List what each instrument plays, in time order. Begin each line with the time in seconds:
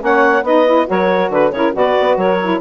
0.00 bassoon A#3, saxophone C#4 C#5, clarinet F#5
0.43 bassoon B3, saxophone D#4 B4, clarinet D#5
0.66 saxophone E4
0.86 bassoon F#3, saxophone F#4 A#4, clarinet C#5
1.30 bassoon D3, clarinet B4, saxophone B4
1.52 bassoon C#3, saxophone E4 A#4, clarinet C#5
1.73 bassoon B2, saxophone F#4 B4, clarinet D5
2.00 bassoon B3
2.17 bassoon F#3, saxophone A#4, clarinet C#5
2.42 saxophone E4